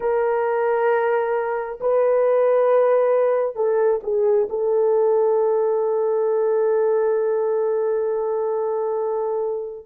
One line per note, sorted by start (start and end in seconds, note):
0.00 1.79 A#4
1.80 3.55 B4
3.55 4.00 A4
4.03 4.48 G#4
4.49 9.86 A4